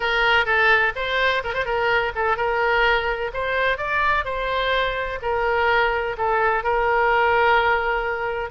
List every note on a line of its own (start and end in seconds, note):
0.00 0.45 A#4
0.45 0.93 A4
0.95 1.42 C5
1.43 1.54 A#4
1.54 1.65 C5
1.65 2.12 A#4
2.15 2.36 A4
2.36 3.31 A#4
3.33 3.77 C5
3.77 4.25 D5
4.25 5.19 C5
5.22 6.16 A#4
6.17 6.63 A4
6.63 8.50 A#4